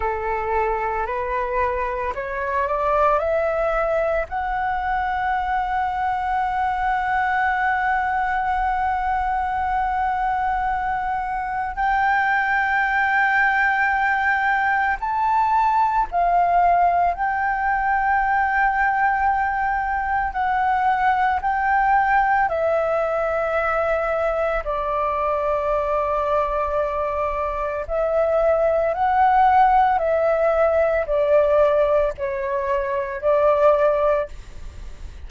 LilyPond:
\new Staff \with { instrumentName = "flute" } { \time 4/4 \tempo 4 = 56 a'4 b'4 cis''8 d''8 e''4 | fis''1~ | fis''2. g''4~ | g''2 a''4 f''4 |
g''2. fis''4 | g''4 e''2 d''4~ | d''2 e''4 fis''4 | e''4 d''4 cis''4 d''4 | }